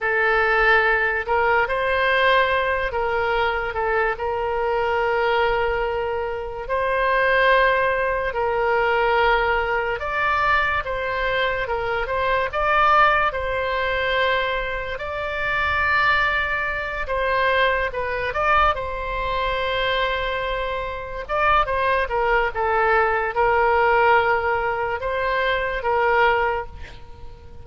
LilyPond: \new Staff \with { instrumentName = "oboe" } { \time 4/4 \tempo 4 = 72 a'4. ais'8 c''4. ais'8~ | ais'8 a'8 ais'2. | c''2 ais'2 | d''4 c''4 ais'8 c''8 d''4 |
c''2 d''2~ | d''8 c''4 b'8 d''8 c''4.~ | c''4. d''8 c''8 ais'8 a'4 | ais'2 c''4 ais'4 | }